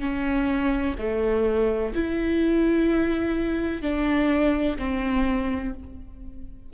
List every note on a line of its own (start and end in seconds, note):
0.00 0.95 C#4
0.98 1.94 A3
1.95 3.82 E4
3.82 4.77 D4
4.78 5.74 C4